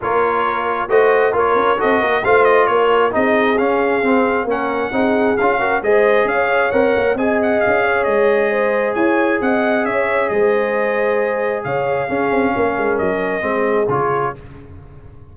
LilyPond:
<<
  \new Staff \with { instrumentName = "trumpet" } { \time 4/4 \tempo 4 = 134 cis''2 dis''4 cis''4 | dis''4 f''8 dis''8 cis''4 dis''4 | f''2 fis''2 | f''4 dis''4 f''4 fis''4 |
gis''8 fis''8 f''4 dis''2 | gis''4 fis''4 e''4 dis''4~ | dis''2 f''2~ | f''4 dis''2 cis''4 | }
  \new Staff \with { instrumentName = "horn" } { \time 4/4 ais'2 c''4 ais'4 | a'8 ais'8 c''4 ais'4 gis'4~ | gis'2 ais'4 gis'4~ | gis'8 ais'8 c''4 cis''2 |
dis''4. cis''4. c''4 | cis''4 dis''4 cis''4 c''4~ | c''2 cis''4 gis'4 | ais'2 gis'2 | }
  \new Staff \with { instrumentName = "trombone" } { \time 4/4 f'2 fis'4 f'4 | fis'4 f'2 dis'4 | cis'4 c'4 cis'4 dis'4 | f'8 fis'8 gis'2 ais'4 |
gis'1~ | gis'1~ | gis'2. cis'4~ | cis'2 c'4 f'4 | }
  \new Staff \with { instrumentName = "tuba" } { \time 4/4 ais2 a4 ais8 cis'8 | c'8 ais8 a4 ais4 c'4 | cis'4 c'4 ais4 c'4 | cis'4 gis4 cis'4 c'8 ais8 |
c'4 cis'4 gis2 | e'4 c'4 cis'4 gis4~ | gis2 cis4 cis'8 c'8 | ais8 gis8 fis4 gis4 cis4 | }
>>